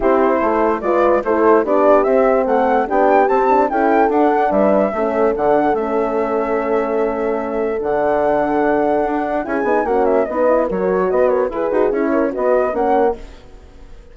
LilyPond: <<
  \new Staff \with { instrumentName = "flute" } { \time 4/4 \tempo 4 = 146 c''2 d''4 c''4 | d''4 e''4 fis''4 g''4 | a''4 g''4 fis''4 e''4~ | e''4 fis''4 e''2~ |
e''2. fis''4~ | fis''2. gis''4 | fis''8 e''8 dis''4 cis''4 dis''8 cis''8 | b'4 cis''4 dis''4 fis''4 | }
  \new Staff \with { instrumentName = "horn" } { \time 4/4 g'4 a'4 b'4 a'4 | g'2 a'4 g'4~ | g'4 a'2 b'4 | a'1~ |
a'1~ | a'2. gis'4 | fis'4 b'4 ais'4 b'8 ais'8 | gis'4. ais'8 b'4 ais'4 | }
  \new Staff \with { instrumentName = "horn" } { \time 4/4 e'2 f'4 e'4 | d'4 c'2 d'4 | c'8 d'8 e'4 d'2 | cis'4 d'4 cis'2~ |
cis'2. d'4~ | d'2. e'8 dis'8 | cis'4 dis'8 e'8 fis'2 | gis'8 fis'8 e'4 fis'4 cis'4 | }
  \new Staff \with { instrumentName = "bassoon" } { \time 4/4 c'4 a4 gis4 a4 | b4 c'4 a4 b4 | c'4 cis'4 d'4 g4 | a4 d4 a2~ |
a2. d4~ | d2 d'4 cis'8 b8 | ais4 b4 fis4 b4 | e'8 dis'8 cis'4 b4 ais4 | }
>>